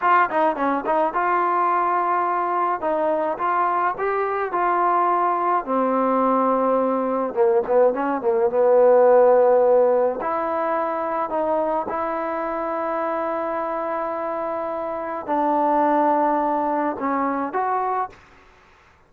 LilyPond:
\new Staff \with { instrumentName = "trombone" } { \time 4/4 \tempo 4 = 106 f'8 dis'8 cis'8 dis'8 f'2~ | f'4 dis'4 f'4 g'4 | f'2 c'2~ | c'4 ais8 b8 cis'8 ais8 b4~ |
b2 e'2 | dis'4 e'2.~ | e'2. d'4~ | d'2 cis'4 fis'4 | }